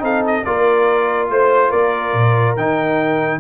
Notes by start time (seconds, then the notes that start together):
0.00 C4 D#4 A4 F5
0.27 D#5
0.44 A#3 F4 A#4 D5
1.30 A3 C5
1.70 A#3 A#4 D5
2.13 A#2
2.57 D#3 D#4 G5